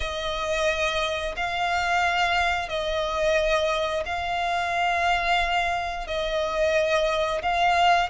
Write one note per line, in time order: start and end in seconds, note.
0.00 1.35 D#5
1.36 2.68 F5
2.68 4.03 D#5
4.05 6.07 F5
6.07 7.42 D#5
7.42 8.09 F5